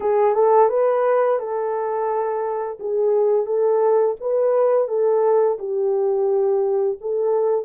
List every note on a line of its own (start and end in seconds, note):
0.00 0.34 G#4
0.34 0.69 A4
0.69 1.39 B4
1.39 2.78 A4
2.79 3.45 G#4
3.45 4.15 A4
4.20 4.88 B4
4.88 5.58 A4
5.58 6.98 G4
7.01 7.65 A4